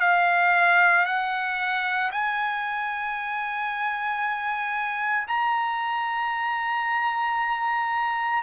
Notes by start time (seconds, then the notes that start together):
0.00 F5
1.05 F#5
2.11 G#5
5.27 A#5